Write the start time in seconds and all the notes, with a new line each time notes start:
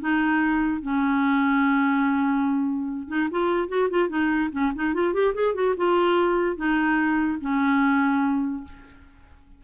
0.00 D#4
0.82 C#4
3.08 D#4
3.31 F4
3.68 F#4
3.90 F4
4.09 D#4
4.52 C#4
4.75 D#4
4.94 F4
5.14 G4
5.34 G#4
5.54 F#4
5.77 F4
6.56 D#4
7.41 C#4